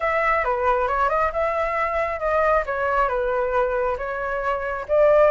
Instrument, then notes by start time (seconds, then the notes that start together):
flute
0.00 E5
0.44 B4
0.87 C#5
1.09 D#5
1.32 E5
2.19 D#5
2.66 C#5
3.08 B4
3.97 C#5
4.88 D5